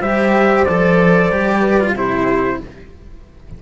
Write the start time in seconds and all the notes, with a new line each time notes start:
0.00 G3 G4 C5 E5
0.65 F3 A4 D5
1.31 G3 G4
1.60 B4
1.80 F4
1.93 C3 E4 G4 C5